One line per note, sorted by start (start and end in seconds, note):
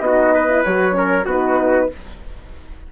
0.00 0.62 B3
0.00 0.49 D#4
0.00 0.34 F#4
0.00 0.63 D#5
0.34 0.96 B4
0.49 0.64 E4
0.64 1.25 F#3
0.64 0.92 F#4
0.64 1.26 C#5
0.92 1.23 C#4
0.92 1.25 A#4
1.25 1.88 B3
1.25 1.91 D#4
1.25 1.88 F#4
1.25 1.92 B4